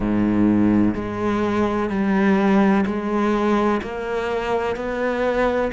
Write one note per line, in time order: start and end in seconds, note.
0.00 0.94 G#2
0.94 1.89 G#3
1.89 2.84 G3
2.86 3.81 G#3
3.82 4.76 A#3
4.76 5.71 B3